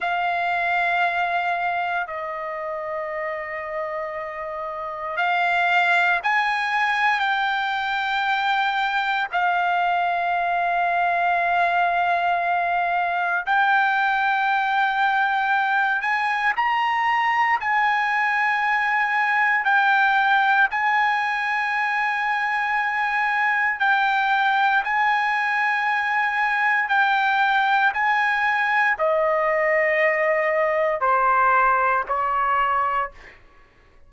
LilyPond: \new Staff \with { instrumentName = "trumpet" } { \time 4/4 \tempo 4 = 58 f''2 dis''2~ | dis''4 f''4 gis''4 g''4~ | g''4 f''2.~ | f''4 g''2~ g''8 gis''8 |
ais''4 gis''2 g''4 | gis''2. g''4 | gis''2 g''4 gis''4 | dis''2 c''4 cis''4 | }